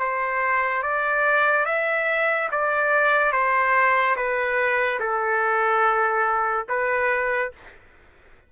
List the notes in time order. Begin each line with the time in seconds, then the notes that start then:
0.00 C5
0.83 D5
1.66 E5
2.52 D5
3.33 C5
4.16 B4
5.00 A4
6.69 B4